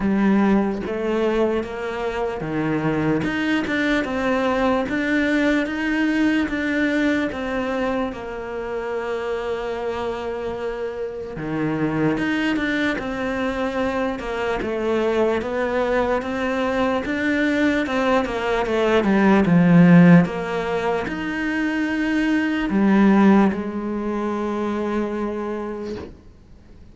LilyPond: \new Staff \with { instrumentName = "cello" } { \time 4/4 \tempo 4 = 74 g4 a4 ais4 dis4 | dis'8 d'8 c'4 d'4 dis'4 | d'4 c'4 ais2~ | ais2 dis4 dis'8 d'8 |
c'4. ais8 a4 b4 | c'4 d'4 c'8 ais8 a8 g8 | f4 ais4 dis'2 | g4 gis2. | }